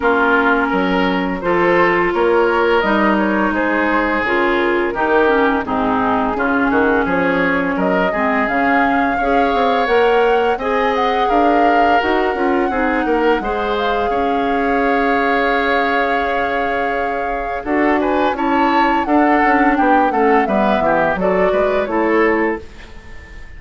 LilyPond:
<<
  \new Staff \with { instrumentName = "flute" } { \time 4/4 \tempo 4 = 85 ais'2 c''4 cis''4 | dis''8 cis''8 c''4 ais'2 | gis'2 cis''4 dis''4 | f''2 fis''4 gis''8 fis''8 |
f''4 fis''2~ fis''8 f''8~ | f''1~ | f''4 fis''8 gis''8 a''4 fis''4 | g''8 fis''8 e''4 d''4 cis''4 | }
  \new Staff \with { instrumentName = "oboe" } { \time 4/4 f'4 ais'4 a'4 ais'4~ | ais'4 gis'2 g'4 | dis'4 f'8 fis'8 gis'4 ais'8 gis'8~ | gis'4 cis''2 dis''4 |
ais'2 gis'8 ais'8 c''4 | cis''1~ | cis''4 a'8 b'8 cis''4 a'4 | g'8 a'8 b'8 g'8 a'8 b'8 a'4 | }
  \new Staff \with { instrumentName = "clarinet" } { \time 4/4 cis'2 f'2 | dis'2 f'4 dis'8 cis'8 | c'4 cis'2~ cis'8 c'8 | cis'4 gis'4 ais'4 gis'4~ |
gis'4 fis'8 f'8 dis'4 gis'4~ | gis'1~ | gis'4 fis'4 e'4 d'4~ | d'8 cis'8 b4 fis'4 e'4 | }
  \new Staff \with { instrumentName = "bassoon" } { \time 4/4 ais4 fis4 f4 ais4 | g4 gis4 cis4 dis4 | gis,4 cis8 dis8 f4 fis8 gis8 | cis4 cis'8 c'8 ais4 c'4 |
d'4 dis'8 cis'8 c'8 ais8 gis4 | cis'1~ | cis'4 d'4 cis'4 d'8 cis'8 | b8 a8 g8 e8 fis8 gis8 a4 | }
>>